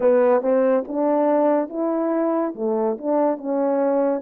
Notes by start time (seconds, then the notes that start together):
0.00 B3
0.41 C4
0.87 D4
1.69 E4
2.55 A3
2.98 D4
3.37 C#4